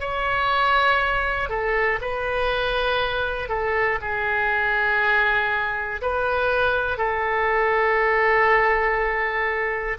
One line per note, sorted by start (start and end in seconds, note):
0.00 1.49 C#5
1.49 1.99 A4
2.00 3.49 B4
3.49 3.99 A4
4.01 6.01 G#4
6.01 6.97 B4
6.97 9.97 A4